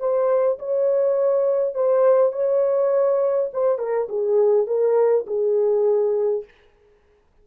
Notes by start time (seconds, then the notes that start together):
0.00 C5
0.59 C#5
1.75 C5
2.33 C#5
3.53 C5
3.79 A#4
4.09 G#4
4.67 A#4
5.27 G#4